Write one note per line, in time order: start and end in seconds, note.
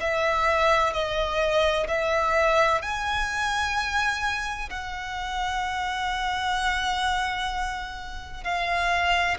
0.00 0.93 E5
0.93 1.87 D#5
1.88 2.82 E5
2.82 4.69 G#5
4.70 8.44 F#5
8.44 9.37 F5